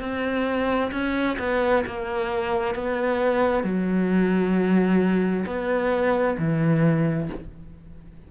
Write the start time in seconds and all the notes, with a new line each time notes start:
0.00 C4
0.91 C#4
1.39 B3
1.86 A#3
2.75 B3
3.63 F#3
5.46 B3
6.38 E3